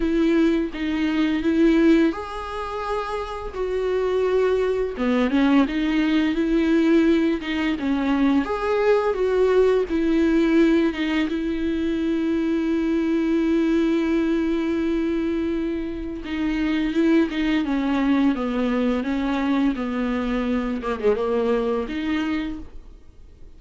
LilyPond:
\new Staff \with { instrumentName = "viola" } { \time 4/4 \tempo 4 = 85 e'4 dis'4 e'4 gis'4~ | gis'4 fis'2 b8 cis'8 | dis'4 e'4. dis'8 cis'4 | gis'4 fis'4 e'4. dis'8 |
e'1~ | e'2. dis'4 | e'8 dis'8 cis'4 b4 cis'4 | b4. ais16 gis16 ais4 dis'4 | }